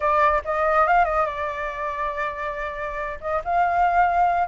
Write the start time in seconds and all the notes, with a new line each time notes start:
0.00 D5
0.44 D#5
0.87 F5
1.04 D#5
1.26 D5
3.20 D#5
3.44 F5